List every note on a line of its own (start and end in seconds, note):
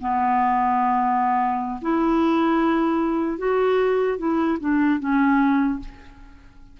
0.00 1.80 B3
1.81 3.38 E4
3.38 4.18 F#4
4.18 4.58 E4
4.60 5.00 D4
5.00 5.80 C#4